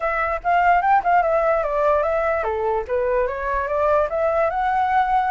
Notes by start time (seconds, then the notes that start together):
0.00 E5
0.43 F5
0.81 G5
1.03 F5
1.22 E5
1.63 D5
2.02 E5
2.43 A4
2.87 B4
3.27 C#5
3.67 D5
4.09 E5
4.50 F#5